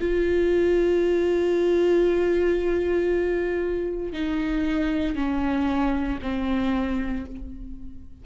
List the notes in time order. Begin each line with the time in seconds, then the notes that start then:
0.00 F4
4.12 D#4
5.15 C#4
6.22 C4